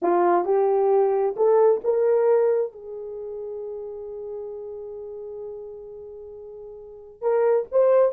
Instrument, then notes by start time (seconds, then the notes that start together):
horn
0.02 F4
0.44 G4
1.36 A4
1.84 A#4
2.72 G#4
7.21 A#4
7.71 C5